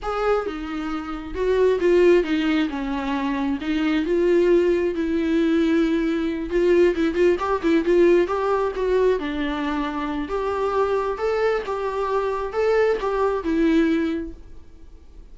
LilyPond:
\new Staff \with { instrumentName = "viola" } { \time 4/4 \tempo 4 = 134 gis'4 dis'2 fis'4 | f'4 dis'4 cis'2 | dis'4 f'2 e'4~ | e'2~ e'8 f'4 e'8 |
f'8 g'8 e'8 f'4 g'4 fis'8~ | fis'8 d'2~ d'8 g'4~ | g'4 a'4 g'2 | a'4 g'4 e'2 | }